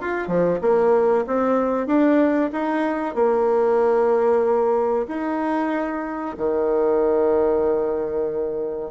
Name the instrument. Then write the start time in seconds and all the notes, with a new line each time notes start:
bassoon
0.00 F4
0.27 F3
0.61 A#3
1.26 C4
1.86 D4
2.52 D#4
3.15 A#3
5.07 D#4
6.37 D#3